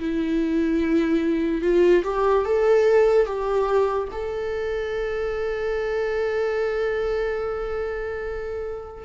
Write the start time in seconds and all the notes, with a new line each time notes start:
0.00 E4
1.62 F4
2.04 G4
2.45 A4
3.27 G4
4.12 A4